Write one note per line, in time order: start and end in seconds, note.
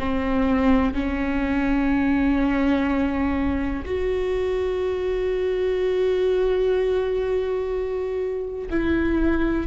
0.00 0.95 C4
0.95 3.85 C#4
3.86 8.70 F#4
8.71 9.67 E4